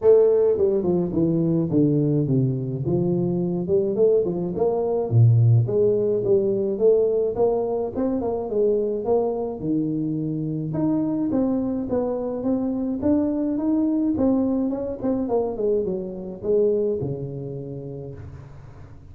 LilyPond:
\new Staff \with { instrumentName = "tuba" } { \time 4/4 \tempo 4 = 106 a4 g8 f8 e4 d4 | c4 f4. g8 a8 f8 | ais4 ais,4 gis4 g4 | a4 ais4 c'8 ais8 gis4 |
ais4 dis2 dis'4 | c'4 b4 c'4 d'4 | dis'4 c'4 cis'8 c'8 ais8 gis8 | fis4 gis4 cis2 | }